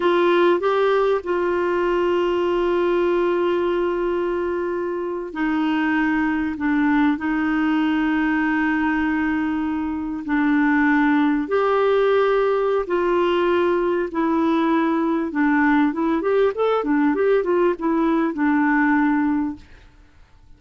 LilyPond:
\new Staff \with { instrumentName = "clarinet" } { \time 4/4 \tempo 4 = 98 f'4 g'4 f'2~ | f'1~ | f'8. dis'2 d'4 dis'16~ | dis'1~ |
dis'8. d'2 g'4~ g'16~ | g'4 f'2 e'4~ | e'4 d'4 e'8 g'8 a'8 d'8 | g'8 f'8 e'4 d'2 | }